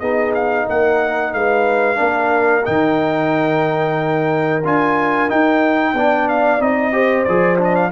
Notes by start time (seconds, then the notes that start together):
0.00 B3 D#4 G#4 D#5
0.35 F5
0.66 A#3 A#4 F#5
1.33 G#3 B4 F5
1.96 A#3 D4 A#4
2.65 D#3 D#4 G5
4.65 D4 F4 G#5
5.29 D#4 G5
5.94 B3 D4 D5
6.29 F5
6.60 C4 D#4 D#5
6.93 G4 C5
7.24 F3 G#4 D5
7.58 D4 D#5
7.76 F5